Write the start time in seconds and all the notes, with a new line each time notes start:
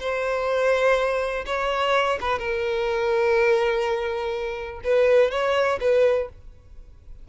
0.00 C5
1.47 C#5
2.21 B4
2.40 A#4
4.85 B4
5.31 C#5
5.81 B4